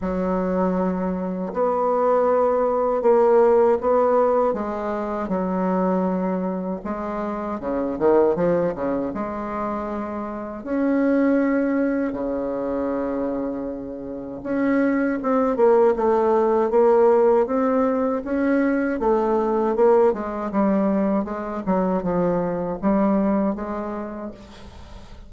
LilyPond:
\new Staff \with { instrumentName = "bassoon" } { \time 4/4 \tempo 4 = 79 fis2 b2 | ais4 b4 gis4 fis4~ | fis4 gis4 cis8 dis8 f8 cis8 | gis2 cis'2 |
cis2. cis'4 | c'8 ais8 a4 ais4 c'4 | cis'4 a4 ais8 gis8 g4 | gis8 fis8 f4 g4 gis4 | }